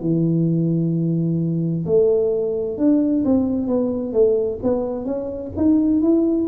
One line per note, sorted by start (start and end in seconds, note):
0.00 1.85 E3
1.85 2.77 A3
2.77 3.23 D4
3.24 3.67 C4
3.67 4.12 B3
4.12 4.59 A3
4.62 5.05 B3
5.05 5.51 C#4
5.56 6.01 D#4
6.01 6.47 E4